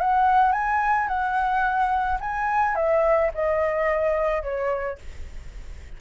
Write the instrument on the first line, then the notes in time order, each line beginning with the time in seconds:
flute
0.00 F#5
0.52 G#5
1.07 F#5
2.20 G#5
2.75 E5
3.34 D#5
4.42 C#5